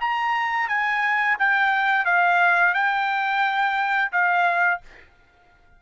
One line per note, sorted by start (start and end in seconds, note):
0.00 0.68 A#5
0.68 1.37 G#5
1.39 2.05 G5
2.05 2.73 F5
2.73 4.11 G5
4.12 4.81 F5